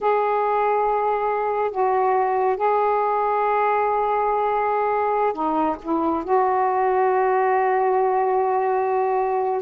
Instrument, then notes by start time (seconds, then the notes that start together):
saxophone
0.00 G#4
1.71 F#4
2.56 G#4
5.33 D#4
5.82 E4
6.23 F#4